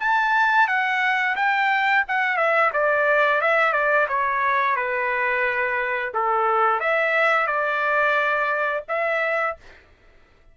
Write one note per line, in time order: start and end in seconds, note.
0.00 0.68 A5
0.68 1.36 F#5
1.36 2.04 G5
2.08 2.37 F#5
2.37 2.71 E5
2.73 3.41 D5
3.41 3.73 E5
3.73 4.07 D5
4.08 4.76 C#5
4.76 6.12 B4
6.14 6.80 A4
6.80 7.47 E5
7.47 8.83 D5
8.89 9.57 E5